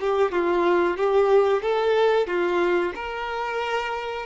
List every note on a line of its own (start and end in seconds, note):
0.00 0.32 G4
0.32 0.97 F4
0.97 1.62 G4
1.62 2.27 A4
2.27 2.93 F4
2.95 4.26 A#4